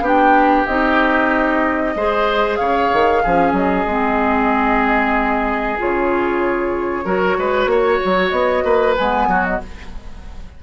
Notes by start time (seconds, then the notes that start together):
0.00 B3 D4 G4
0.06 G5
0.66 C4 D#4 D#5
1.95 G#3 G#4 C5
2.56 C#3 C#5 F5
2.92 D#3
3.22 F3 C#4 G#4
3.52 F#3 D#5
3.85 G#3 C4
5.77 C#3 F4 C#5
7.04 F#3 F#4 A#4
7.37 G#3 B4
7.66 A#3 C#5
8.04 F#3
8.29 B3 D#5
8.64 A#3 B4
8.97 G#3 B3 G#5
9.27 F#3 F#4
9.44 D#5